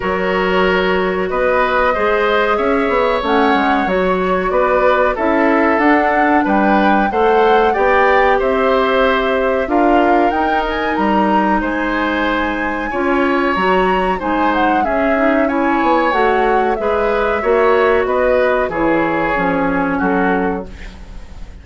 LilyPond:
<<
  \new Staff \with { instrumentName = "flute" } { \time 4/4 \tempo 4 = 93 cis''2 dis''2 | e''4 fis''4 cis''4 d''4 | e''4 fis''4 g''4 fis''4 | g''4 e''2 f''4 |
g''8 gis''8 ais''4 gis''2~ | gis''4 ais''4 gis''8 fis''8 e''4 | gis''4 fis''4 e''2 | dis''4 cis''2 a'4 | }
  \new Staff \with { instrumentName = "oboe" } { \time 4/4 ais'2 b'4 c''4 | cis''2. b'4 | a'2 b'4 c''4 | d''4 c''2 ais'4~ |
ais'2 c''2 | cis''2 c''4 gis'4 | cis''2 b'4 cis''4 | b'4 gis'2 fis'4 | }
  \new Staff \with { instrumentName = "clarinet" } { \time 4/4 fis'2. gis'4~ | gis'4 cis'4 fis'2 | e'4 d'2 a'4 | g'2. f'4 |
dis'1 | f'4 fis'4 dis'4 cis'8 dis'8 | e'4 fis'4 gis'4 fis'4~ | fis'4 e'4 cis'2 | }
  \new Staff \with { instrumentName = "bassoon" } { \time 4/4 fis2 b4 gis4 | cis'8 b8 a8 gis8 fis4 b4 | cis'4 d'4 g4 a4 | b4 c'2 d'4 |
dis'4 g4 gis2 | cis'4 fis4 gis4 cis'4~ | cis'8 b8 a4 gis4 ais4 | b4 e4 f4 fis4 | }
>>